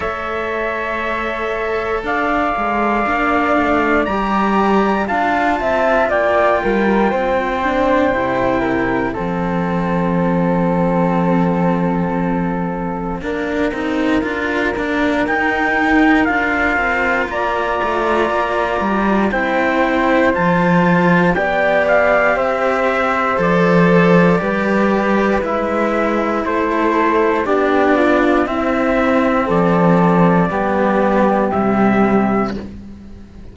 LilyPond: <<
  \new Staff \with { instrumentName = "trumpet" } { \time 4/4 \tempo 4 = 59 e''2 f''2 | ais''4 a''4 g''2~ | g''4 f''2.~ | f''2. g''4 |
f''4 ais''2 g''4 | a''4 g''8 f''8 e''4 d''4~ | d''4 e''4 c''4 d''4 | e''4 d''2 e''4 | }
  \new Staff \with { instrumentName = "flute" } { \time 4/4 cis''2 d''2~ | d''4 f''8 e''8 d''8 ais'8 c''4~ | c''8 ais'8 a'2.~ | a'4 ais'2.~ |
ais'4 d''2 c''4~ | c''4 d''4 c''2 | b'2 a'4 g'8 f'8 | e'4 a'4 g'2 | }
  \new Staff \with { instrumentName = "cello" } { \time 4/4 a'2. d'4 | g'4 f'2~ f'8 d'8 | e'4 c'2.~ | c'4 d'8 dis'8 f'8 d'8 dis'4 |
f'2. e'4 | f'4 g'2 a'4 | g'4 e'2 d'4 | c'2 b4 g4 | }
  \new Staff \with { instrumentName = "cello" } { \time 4/4 a2 d'8 gis8 ais8 a8 | g4 d'8 c'8 ais8 g8 c'4 | c4 f2.~ | f4 ais8 c'8 d'8 ais8 dis'4 |
d'8 c'8 ais8 a8 ais8 g8 c'4 | f4 b4 c'4 f4 | g4 gis4 a4 b4 | c'4 f4 g4 c4 | }
>>